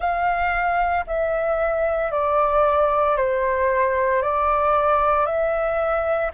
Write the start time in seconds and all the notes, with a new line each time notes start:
0.00 F5
1.06 E5
2.11 D5
3.16 C5
4.22 D5
5.26 E5